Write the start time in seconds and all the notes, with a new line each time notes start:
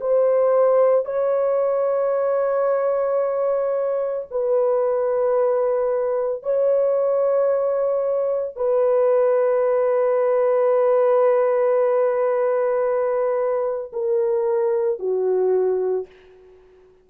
0.00 C5
1.05 C#5
4.31 B4
6.42 C#5
8.56 B4
13.92 A#4
14.99 F#4